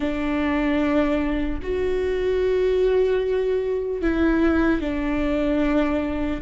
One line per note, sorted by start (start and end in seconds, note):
0.00 1.60 D4
1.62 4.01 F#4
4.01 4.80 E4
4.80 6.40 D4